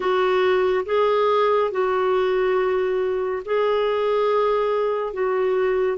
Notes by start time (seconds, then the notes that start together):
0.00 F#4
0.85 G#4
1.71 F#4
3.45 G#4
5.13 F#4